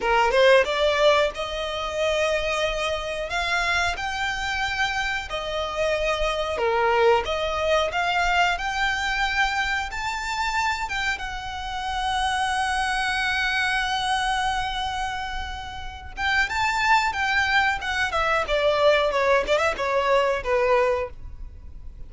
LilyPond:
\new Staff \with { instrumentName = "violin" } { \time 4/4 \tempo 4 = 91 ais'8 c''8 d''4 dis''2~ | dis''4 f''4 g''2 | dis''2 ais'4 dis''4 | f''4 g''2 a''4~ |
a''8 g''8 fis''2.~ | fis''1~ | fis''8 g''8 a''4 g''4 fis''8 e''8 | d''4 cis''8 d''16 e''16 cis''4 b'4 | }